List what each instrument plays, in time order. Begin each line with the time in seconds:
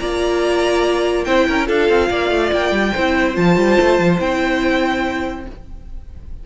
0.00 cello A#3, viola F4, violin D5 A#5
1.24 cello C4, viola E4, violin C5 G5
1.48 cello C#4, violin A#4
1.67 cello D4, viola F4, violin A4 F5
1.89 cello C4
2.10 cello A#3, violin D5
2.31 cello A3
2.53 cello A#3, violin G5
2.72 cello G3
2.93 cello C4, viola E4, violin C5
3.34 cello F3, viola F4, violin A5
3.57 cello G3
3.81 cello A3
3.99 cello F3
4.19 cello C4, viola E4, violin G5